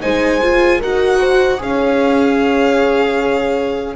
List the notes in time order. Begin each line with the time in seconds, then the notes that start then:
0.00 G#3 D#4 C5 G#5
0.42 F4
0.79 D#4 F#4 A#4 F#5
1.19 C5
1.58 C#4 G#4 C#5 F5